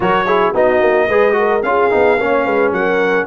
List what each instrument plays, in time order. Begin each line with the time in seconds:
0.00 tuba F#3, trombone F#4, horn A#4, trumpet C#5
0.26 trombone E4, horn G#4
0.54 tuba B3, trombone D#4, horn F#4, trumpet D#5
0.81 tuba A#3
1.07 tuba G#3, trombone G#4, horn B4
1.32 trombone F#4
1.38 horn A#4
1.62 tuba C#4, trombone F4, horn G#4, trumpet F5
1.90 tuba B3, trombone D#4
2.19 tuba A#3, trombone C#4, horn C#5
2.44 tuba G#3, horn B4
2.71 tuba F#3, horn A#4, trumpet F#5